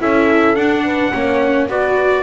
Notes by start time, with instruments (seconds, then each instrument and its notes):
0.00 double bass C#4, viola E4, horn A4, trumpet E5
0.55 double bass D4, viola D4, trumpet F#5
0.84 horn B4
1.12 double bass A#3, viola C#4, horn C#5
1.68 double bass B3, viola F#4, horn B4, trumpet D5